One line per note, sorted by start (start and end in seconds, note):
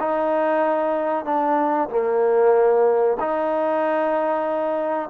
0.00 1.25 D#4
1.25 1.89 D4
1.90 3.17 A#3
3.20 5.10 D#4